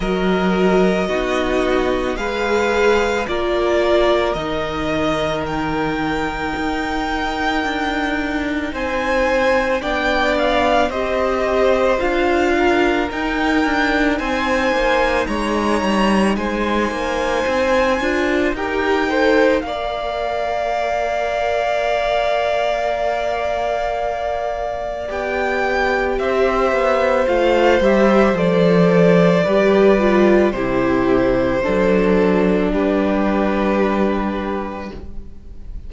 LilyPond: <<
  \new Staff \with { instrumentName = "violin" } { \time 4/4 \tempo 4 = 55 dis''2 f''4 d''4 | dis''4 g''2. | gis''4 g''8 f''8 dis''4 f''4 | g''4 gis''4 ais''4 gis''4~ |
gis''4 g''4 f''2~ | f''2. g''4 | e''4 f''8 e''8 d''2 | c''2 b'2 | }
  \new Staff \with { instrumentName = "violin" } { \time 4/4 ais'4 fis'4 b'4 ais'4~ | ais'1 | c''4 d''4 c''4. ais'8~ | ais'4 c''4 cis''4 c''4~ |
c''4 ais'8 c''8 d''2~ | d''1 | c''2. b'4 | g'4 a'4 g'2 | }
  \new Staff \with { instrumentName = "viola" } { \time 4/4 fis'4 dis'4 gis'4 f'4 | dis'1~ | dis'4 d'4 g'4 f'4 | dis'1~ |
dis'8 f'8 g'8 a'8 ais'2~ | ais'2. g'4~ | g'4 f'8 g'8 a'4 g'8 f'8 | e'4 d'2. | }
  \new Staff \with { instrumentName = "cello" } { \time 4/4 fis4 b4 gis4 ais4 | dis2 dis'4 d'4 | c'4 b4 c'4 d'4 | dis'8 d'8 c'8 ais8 gis8 g8 gis8 ais8 |
c'8 d'8 dis'4 ais2~ | ais2. b4 | c'8 b8 a8 g8 f4 g4 | c4 fis4 g2 | }
>>